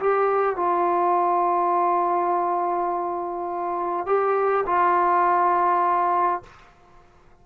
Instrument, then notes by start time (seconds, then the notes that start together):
trombone
0.00 G4
0.56 F4
4.06 G4
4.67 F4